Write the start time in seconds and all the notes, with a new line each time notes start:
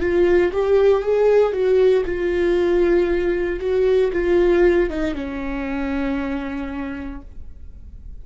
0.00 F4
0.52 G4
1.03 G#4
1.52 F#4
2.05 F4
3.60 F#4
4.12 F4
4.90 D#4
5.14 C#4